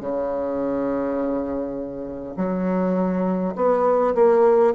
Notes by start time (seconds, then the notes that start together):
0.00 C#3
2.36 F#3
3.55 B3
4.14 A#3